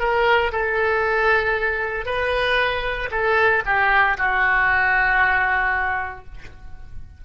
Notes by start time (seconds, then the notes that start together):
0.00 A#4
0.52 A4
2.06 B4
3.12 A4
3.66 G4
4.18 F#4